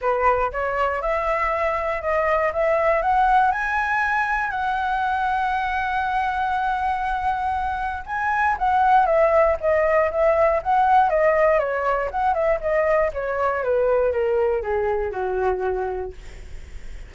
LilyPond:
\new Staff \with { instrumentName = "flute" } { \time 4/4 \tempo 4 = 119 b'4 cis''4 e''2 | dis''4 e''4 fis''4 gis''4~ | gis''4 fis''2.~ | fis''1 |
gis''4 fis''4 e''4 dis''4 | e''4 fis''4 dis''4 cis''4 | fis''8 e''8 dis''4 cis''4 b'4 | ais'4 gis'4 fis'2 | }